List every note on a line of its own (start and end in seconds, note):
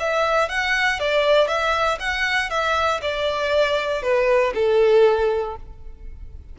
0.00 0.49 E5
0.49 1.00 F#5
1.00 1.48 D5
1.48 1.99 E5
2.00 2.50 F#5
2.50 3.01 E5
3.02 4.03 D5
4.03 4.53 B4
4.55 5.57 A4